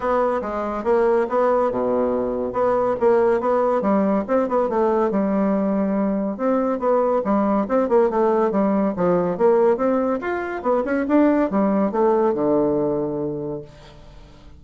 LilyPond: \new Staff \with { instrumentName = "bassoon" } { \time 4/4 \tempo 4 = 141 b4 gis4 ais4 b4 | b,2 b4 ais4 | b4 g4 c'8 b8 a4 | g2. c'4 |
b4 g4 c'8 ais8 a4 | g4 f4 ais4 c'4 | f'4 b8 cis'8 d'4 g4 | a4 d2. | }